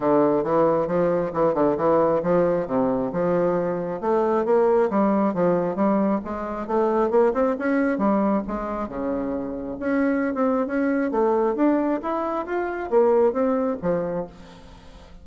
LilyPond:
\new Staff \with { instrumentName = "bassoon" } { \time 4/4 \tempo 4 = 135 d4 e4 f4 e8 d8 | e4 f4 c4 f4~ | f4 a4 ais4 g4 | f4 g4 gis4 a4 |
ais8 c'8 cis'4 g4 gis4 | cis2 cis'4~ cis'16 c'8. | cis'4 a4 d'4 e'4 | f'4 ais4 c'4 f4 | }